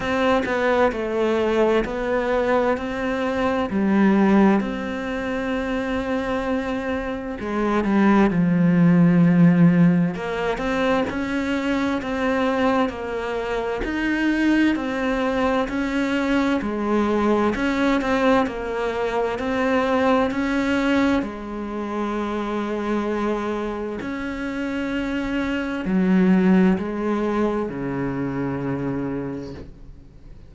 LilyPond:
\new Staff \with { instrumentName = "cello" } { \time 4/4 \tempo 4 = 65 c'8 b8 a4 b4 c'4 | g4 c'2. | gis8 g8 f2 ais8 c'8 | cis'4 c'4 ais4 dis'4 |
c'4 cis'4 gis4 cis'8 c'8 | ais4 c'4 cis'4 gis4~ | gis2 cis'2 | fis4 gis4 cis2 | }